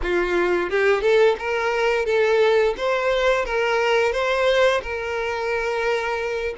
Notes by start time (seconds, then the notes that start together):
0.02 F4
0.70 G4
1.01 A4
1.38 A#4
2.05 A4
2.77 C5
3.45 A#4
4.12 C5
4.82 A#4